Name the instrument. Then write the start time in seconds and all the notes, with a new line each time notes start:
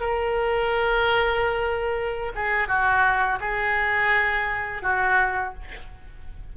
oboe
0.00 A#4
2.35 G#4
2.68 F#4
3.40 G#4
4.82 F#4